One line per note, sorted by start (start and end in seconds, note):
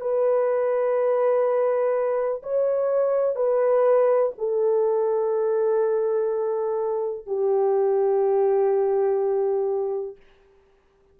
0.00 2.42 B4
2.43 3.36 C#5
3.36 4.32 B4
4.38 7.26 A4
7.26 10.17 G4